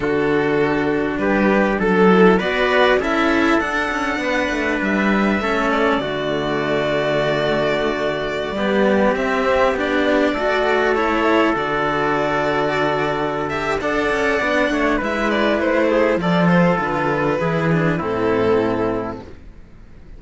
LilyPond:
<<
  \new Staff \with { instrumentName = "violin" } { \time 4/4 \tempo 4 = 100 a'2 b'4 a'4 | d''4 e''4 fis''2 | e''4. d''2~ d''8~ | d''2.~ d''16 e''8.~ |
e''16 d''2 cis''4 d''8.~ | d''2~ d''8 e''8 fis''4~ | fis''4 e''8 d''8 c''4 d''8 c''8 | b'2 a'2 | }
  \new Staff \with { instrumentName = "trumpet" } { \time 4/4 fis'2 g'4 a'4 | b'4 a'2 b'4~ | b'4 a'4 fis'2~ | fis'2~ fis'16 g'4.~ g'16~ |
g'4~ g'16 a'2~ a'8.~ | a'2. d''4~ | d''8 cis''8 b'4. gis'8 a'4~ | a'4 gis'4 e'2 | }
  \new Staff \with { instrumentName = "cello" } { \time 4/4 d'2.~ d'8 e'8 | fis'4 e'4 d'2~ | d'4 cis'4 a2~ | a2~ a16 b4 c'8.~ |
c'16 d'4 fis'4 e'4 fis'8.~ | fis'2~ fis'8 g'8 a'4 | d'4 e'2 f'4~ | f'4 e'8 d'8 c'2 | }
  \new Staff \with { instrumentName = "cello" } { \time 4/4 d2 g4 fis4 | b4 cis'4 d'8 cis'8 b8 a8 | g4 a4 d2~ | d2~ d16 g4 c'8.~ |
c'16 b4 a2 d8.~ | d2. d'8 cis'8 | b8 a8 gis4 a4 f4 | d4 e4 a,2 | }
>>